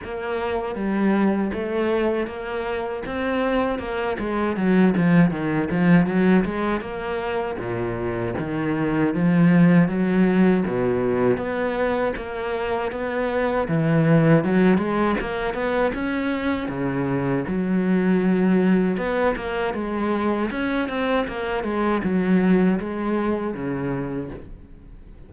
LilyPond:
\new Staff \with { instrumentName = "cello" } { \time 4/4 \tempo 4 = 79 ais4 g4 a4 ais4 | c'4 ais8 gis8 fis8 f8 dis8 f8 | fis8 gis8 ais4 ais,4 dis4 | f4 fis4 b,4 b4 |
ais4 b4 e4 fis8 gis8 | ais8 b8 cis'4 cis4 fis4~ | fis4 b8 ais8 gis4 cis'8 c'8 | ais8 gis8 fis4 gis4 cis4 | }